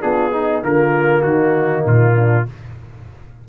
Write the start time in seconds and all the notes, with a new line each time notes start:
0.00 B3 D4 F4 G#4
0.32 D#4
0.62 D3 A#3 F4 A#4
1.21 D#3 D#4 F#4
1.85 A#2 F4
2.15 D4